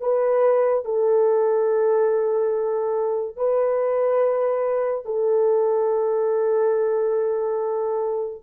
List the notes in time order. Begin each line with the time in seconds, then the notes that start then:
0.00 B4
0.85 A4
3.36 B4
5.05 A4